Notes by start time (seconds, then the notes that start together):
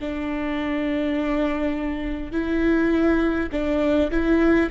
0.00 D4
2.32 E4
3.51 D4
4.11 E4